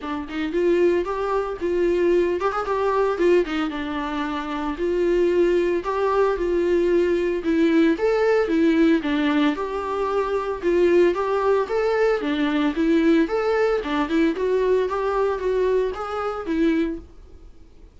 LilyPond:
\new Staff \with { instrumentName = "viola" } { \time 4/4 \tempo 4 = 113 d'8 dis'8 f'4 g'4 f'4~ | f'8 g'16 gis'16 g'4 f'8 dis'8 d'4~ | d'4 f'2 g'4 | f'2 e'4 a'4 |
e'4 d'4 g'2 | f'4 g'4 a'4 d'4 | e'4 a'4 d'8 e'8 fis'4 | g'4 fis'4 gis'4 e'4 | }